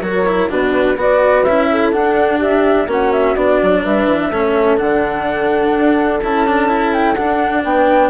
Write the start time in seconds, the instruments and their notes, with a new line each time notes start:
0.00 bassoon F#3, cello F#4, horn A#4, flute C#5
0.26 cello E4
0.49 bassoon B2, cello D4, horn F#4, flute B4
0.96 bassoon B3, cello F#4, horn B4, flute D5
1.44 bassoon C#4, cello E4, flute E5
1.70 horn A4
1.92 cello D4, bassoon D4, flute F#5
2.38 horn G4, flute E5
2.86 bassoon A#3, cello C#4, horn F#4, flute F#5
3.12 flute E5
3.35 bassoon B3, cello D4, flute D5
3.62 bassoon F#3
3.82 bassoon G3, horn B4, flute E5
4.06 bassoon E3
4.30 bassoon A3, cello C#4, horn A4
4.77 bassoon D3, cello D4, flute F#5
5.76 bassoon D4
6.22 bassoon C#4, cello E4, flute A5
6.47 cello D4
6.68 cello E4
6.93 flute G5
7.14 bassoon D4, cello D4, flute F#5
7.64 bassoon B3, horn B4, flute G5